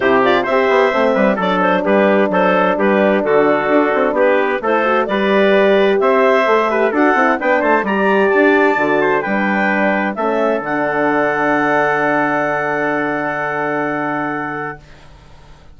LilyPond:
<<
  \new Staff \with { instrumentName = "clarinet" } { \time 4/4 \tempo 4 = 130 c''8 d''8 e''2 d''8 c''8 | b'4 c''4 b'4 a'4~ | a'4 b'4 c''4 d''4~ | d''4 e''2 fis''4 |
g''8 a''8 ais''4 a''2 | g''2 e''4 fis''4~ | fis''1~ | fis''1 | }
  \new Staff \with { instrumentName = "trumpet" } { \time 4/4 g'4 c''4. b'8 a'4 | g'4 a'4 g'4 fis'4~ | fis'4 g'4 a'4 b'4~ | b'4 c''4. b'8 a'4 |
b'8 c''8 d''2~ d''8 c''8 | b'2 a'2~ | a'1~ | a'1 | }
  \new Staff \with { instrumentName = "horn" } { \time 4/4 e'8 f'8 g'4 c'4 d'4~ | d'1~ | d'2 e'8 fis'8 g'4~ | g'2 a'8 g'8 fis'8 e'8 |
d'4 g'2 fis'4 | d'2 cis'4 d'4~ | d'1~ | d'1 | }
  \new Staff \with { instrumentName = "bassoon" } { \time 4/4 c4 c'8 b8 a8 g8 fis4 | g4 fis4 g4 d4 | d'8 c'8 b4 a4 g4~ | g4 c'4 a4 d'8 c'8 |
b8 a8 g4 d'4 d4 | g2 a4 d4~ | d1~ | d1 | }
>>